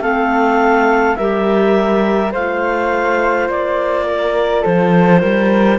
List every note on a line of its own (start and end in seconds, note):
0.00 1.15 A3
0.00 1.16 C4
0.00 1.17 A4
0.00 1.16 F5
1.16 2.34 G3
1.16 2.32 G4
1.16 2.31 A#4
1.16 2.31 E5
2.31 3.48 A3
2.31 5.78 F4
2.31 4.05 C5
2.31 3.49 F5
3.48 4.64 A#3
3.48 4.64 D5
4.06 4.62 A#4
4.62 5.22 F3
4.62 5.19 A4
4.62 5.78 C5
5.20 5.78 G3
5.20 5.78 A#4